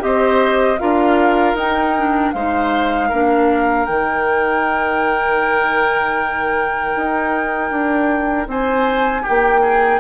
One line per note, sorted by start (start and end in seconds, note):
0.00 0.79 C4
0.00 0.77 G4
0.00 0.80 C5
0.00 0.79 D#5
0.79 1.54 D4
0.79 1.56 F4
0.79 2.34 A#4
0.79 1.56 F5
1.54 2.31 D#4
1.54 1.97 D#4
1.54 2.32 G5
1.97 2.35 D4
2.32 3.11 G#3
2.32 3.12 D#4
2.32 3.09 C5
2.32 3.85 F5
3.09 3.88 A#3
3.09 3.88 D4
3.09 8.47 A#4
3.85 6.95 D#3
3.85 10.00 D#4
3.85 8.47 G5
6.95 7.70 D#4
7.70 8.46 D4
8.46 9.23 C4
8.46 9.22 C5
8.46 9.25 G#5
9.22 9.60 G4
9.22 10.00 G5
9.29 10.00 A#3
9.62 10.00 G#4